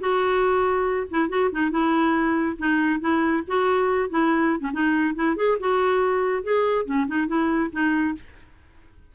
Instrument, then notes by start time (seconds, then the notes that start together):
clarinet
0.00 F#4
1.11 E4
1.29 F#4
1.52 D#4
1.71 E4
2.59 D#4
3.00 E4
3.48 F#4
4.10 E4
4.60 C#4
4.73 D#4
5.15 E4
5.36 G#4
5.60 F#4
6.44 G#4
6.86 C#4
7.07 D#4
7.28 E4
7.72 D#4